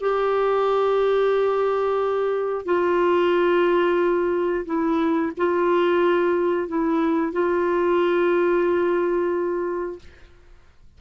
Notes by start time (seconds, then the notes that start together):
0.00 G4
2.65 F4
4.65 E4
5.37 F4
6.68 E4
7.32 F4